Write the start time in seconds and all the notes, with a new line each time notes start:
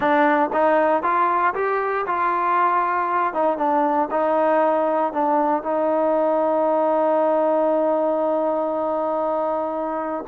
0.00 D4
0.52 D#4
1.02 F4
1.54 G4
2.06 F4
3.33 D#4
3.57 D4
4.10 D#4
5.12 D4
5.62 D#4